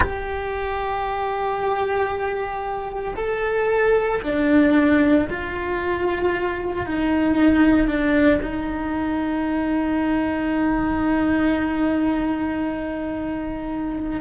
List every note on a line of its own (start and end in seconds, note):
0.00 3.13 G4
3.16 4.21 A4
4.22 5.27 D4
5.29 6.86 F4
6.86 7.87 D#4
7.87 8.40 D4
8.42 14.21 D#4